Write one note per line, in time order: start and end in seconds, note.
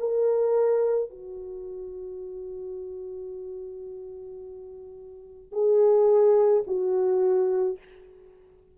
0.00 1.10 A#4
1.10 5.53 F#4
5.53 6.64 G#4
6.67 7.78 F#4